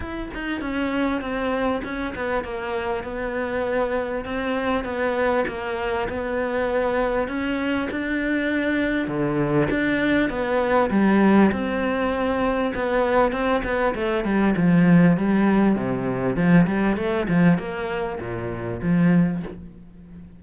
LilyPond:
\new Staff \with { instrumentName = "cello" } { \time 4/4 \tempo 4 = 99 e'8 dis'8 cis'4 c'4 cis'8 b8 | ais4 b2 c'4 | b4 ais4 b2 | cis'4 d'2 d4 |
d'4 b4 g4 c'4~ | c'4 b4 c'8 b8 a8 g8 | f4 g4 c4 f8 g8 | a8 f8 ais4 ais,4 f4 | }